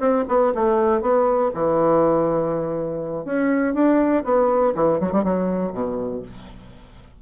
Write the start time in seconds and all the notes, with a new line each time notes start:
0.00 C4
0.29 B3
0.55 A3
1.02 B3
1.55 E3
3.25 C#4
3.75 D4
4.25 B3
4.75 E3
5.01 F#3
5.12 G3
5.24 F#3
5.73 B2